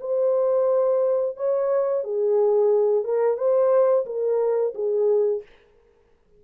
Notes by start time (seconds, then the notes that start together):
0.00 C5
1.36 C#5
2.04 G#4
3.04 A#4
3.37 C5
4.05 A#4
4.74 G#4